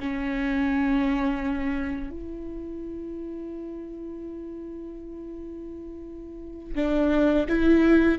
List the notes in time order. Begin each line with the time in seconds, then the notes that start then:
0.00 C#4
2.11 E4
6.75 D4
7.49 E4